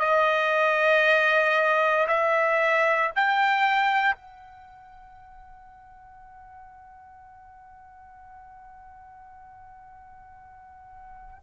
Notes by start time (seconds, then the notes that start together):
0.00 D#5
2.08 E5
3.16 G5
4.15 F#5